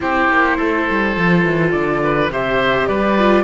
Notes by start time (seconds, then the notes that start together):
0.00 C4 E4 G4 C5
0.29 A#3
0.57 A3 A4
0.89 G3
1.14 F3 F4
1.44 E3
1.71 D3 D5
2.03 B4
2.30 C3 G4 C5 E5
2.87 G3 B4 D5
3.18 F4